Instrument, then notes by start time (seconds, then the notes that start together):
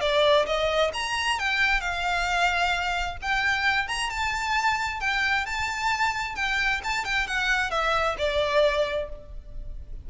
violin
0.00 D5
0.46 D#5
0.93 A#5
1.38 G5
1.80 F5
3.21 G5
3.87 A#5
4.10 A5
5.00 G5
5.45 A5
6.35 G5
6.83 A5
7.04 G5
7.26 F#5
7.70 E5
8.18 D5